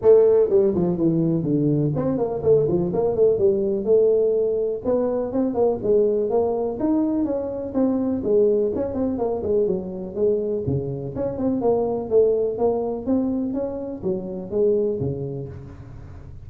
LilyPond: \new Staff \with { instrumentName = "tuba" } { \time 4/4 \tempo 4 = 124 a4 g8 f8 e4 d4 | c'8 ais8 a8 f8 ais8 a8 g4 | a2 b4 c'8 ais8 | gis4 ais4 dis'4 cis'4 |
c'4 gis4 cis'8 c'8 ais8 gis8 | fis4 gis4 cis4 cis'8 c'8 | ais4 a4 ais4 c'4 | cis'4 fis4 gis4 cis4 | }